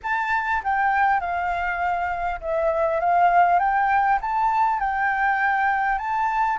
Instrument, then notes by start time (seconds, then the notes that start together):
flute
0.02 A5
0.63 G5
1.20 F5
2.41 E5
3.00 F5
3.59 G5
4.21 A5
4.79 G5
5.98 A5